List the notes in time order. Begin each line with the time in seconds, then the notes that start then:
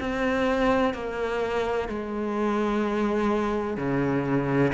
0.00 C4
0.94 A#3
1.89 G#3
3.77 C#3